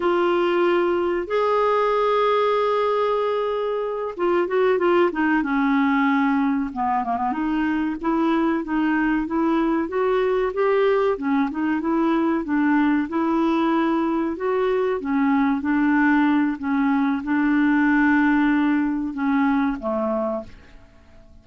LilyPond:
\new Staff \with { instrumentName = "clarinet" } { \time 4/4 \tempo 4 = 94 f'2 gis'2~ | gis'2~ gis'8 f'8 fis'8 f'8 | dis'8 cis'2 b8 ais16 b16 dis'8~ | dis'8 e'4 dis'4 e'4 fis'8~ |
fis'8 g'4 cis'8 dis'8 e'4 d'8~ | d'8 e'2 fis'4 cis'8~ | cis'8 d'4. cis'4 d'4~ | d'2 cis'4 a4 | }